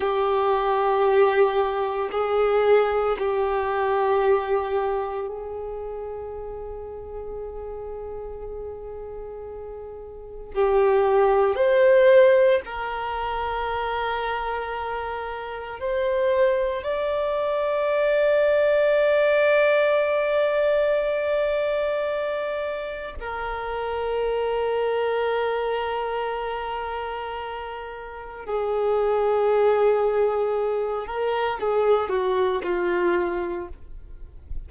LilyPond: \new Staff \with { instrumentName = "violin" } { \time 4/4 \tempo 4 = 57 g'2 gis'4 g'4~ | g'4 gis'2.~ | gis'2 g'4 c''4 | ais'2. c''4 |
d''1~ | d''2 ais'2~ | ais'2. gis'4~ | gis'4. ais'8 gis'8 fis'8 f'4 | }